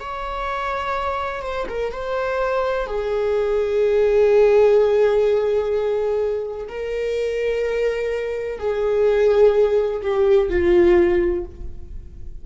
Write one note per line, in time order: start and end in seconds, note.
0.00 1.42 C#5
1.42 1.65 C5
1.68 1.92 A#4
1.92 2.87 C5
2.87 6.68 G#4
6.68 8.58 A#4
8.58 10.01 G#4
10.02 10.49 G4
10.49 11.45 F4